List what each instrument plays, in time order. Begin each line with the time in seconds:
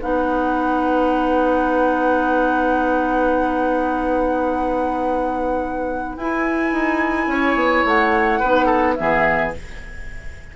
0.00 bassoon B3, clarinet D#4, oboe B4, flute F#5
6.16 bassoon E4, clarinet E4, flute G#5
6.72 bassoon D#4
7.27 bassoon C#4, oboe C#5
7.55 bassoon B3
7.84 bassoon A3, flute F#5
8.39 bassoon B3, clarinet D#4, oboe B4
8.66 oboe A4
8.94 bassoon E3, clarinet B3, oboe G#4, flute E5